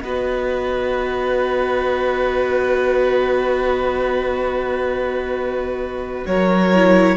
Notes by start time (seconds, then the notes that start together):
0.00 B3 F#4 B4 D#5
6.27 F#3 A#4 C#5
6.75 E4